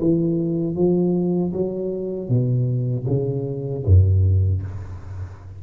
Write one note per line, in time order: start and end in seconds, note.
0.00 0.75 E3
0.75 1.52 F3
1.52 2.29 F#3
2.29 3.06 B2
3.07 3.84 C#3
3.86 4.63 F#2